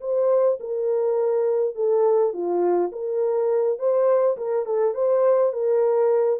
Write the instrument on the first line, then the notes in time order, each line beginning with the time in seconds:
horn
0.00 C5
0.60 A#4
1.75 A4
2.33 F4
2.92 A#4
3.78 C5
4.37 A#4
4.65 A4
4.94 C5
5.53 A#4